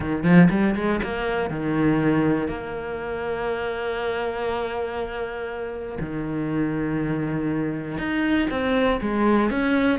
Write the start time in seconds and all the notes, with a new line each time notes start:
0.00 D#3
0.23 F3
0.50 G3
0.75 G#3
1.03 A#3
1.50 D#3
2.48 A#3
6.00 D#3
7.97 D#4
8.50 C4
9.01 G#3
9.50 C#4